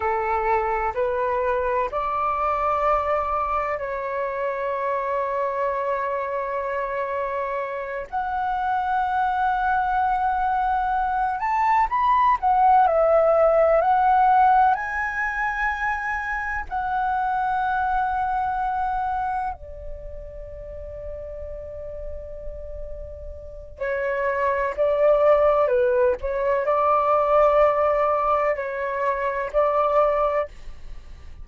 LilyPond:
\new Staff \with { instrumentName = "flute" } { \time 4/4 \tempo 4 = 63 a'4 b'4 d''2 | cis''1~ | cis''8 fis''2.~ fis''8 | a''8 b''8 fis''8 e''4 fis''4 gis''8~ |
gis''4. fis''2~ fis''8~ | fis''8 d''2.~ d''8~ | d''4 cis''4 d''4 b'8 cis''8 | d''2 cis''4 d''4 | }